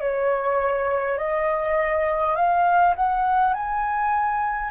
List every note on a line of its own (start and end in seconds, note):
0.00 1.18 C#5
1.18 2.35 D#5
2.35 2.94 F5
2.95 3.53 F#5
3.53 4.71 G#5